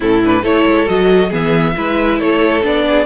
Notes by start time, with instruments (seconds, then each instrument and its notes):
0.00 cello A2, viola C#4, violin E4 A4
0.23 viola D4, violin B4
0.42 cello A3, viola E4, violin A4 C#5
0.65 cello G#3
0.86 cello F#3, viola F#4, violin D#5
1.28 cello E3, viola B3, violin G#4 E5
1.75 cello G#3, viola E4, violin B4
2.19 cello A3, violin A4 C#5
2.62 cello B3, viola D4, violin D5
2.88 violin G#4